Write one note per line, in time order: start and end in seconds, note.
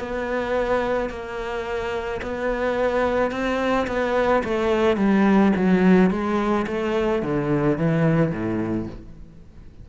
0.00 1.10 B3
1.10 2.21 A#3
2.22 3.32 B3
3.32 3.87 C4
3.88 4.43 B3
4.44 4.97 A3
4.97 5.53 G3
5.57 6.11 F#3
6.11 6.66 G#3
6.67 7.23 A3
7.23 7.78 D3
7.78 8.32 E3
8.32 8.87 A2